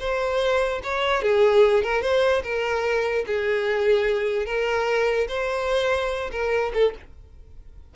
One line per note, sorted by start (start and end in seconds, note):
0.00 0.82 C5
0.83 1.22 C#5
1.22 1.83 G#4
1.83 2.02 A#4
2.02 2.43 C5
2.44 3.25 A#4
3.27 4.46 G#4
4.46 5.28 A#4
5.29 6.31 C5
6.32 6.72 A#4
6.74 6.94 A4